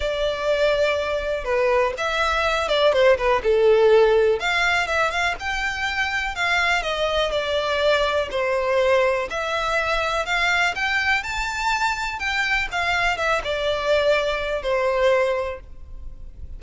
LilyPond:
\new Staff \with { instrumentName = "violin" } { \time 4/4 \tempo 4 = 123 d''2. b'4 | e''4. d''8 c''8 b'8 a'4~ | a'4 f''4 e''8 f''8 g''4~ | g''4 f''4 dis''4 d''4~ |
d''4 c''2 e''4~ | e''4 f''4 g''4 a''4~ | a''4 g''4 f''4 e''8 d''8~ | d''2 c''2 | }